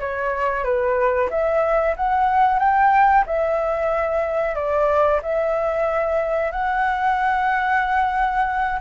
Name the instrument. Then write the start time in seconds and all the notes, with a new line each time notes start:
flute
0.00 C#5
0.64 B4
1.30 E5
1.96 F#5
2.59 G5
3.26 E5
4.55 D5
5.22 E5
6.51 F#5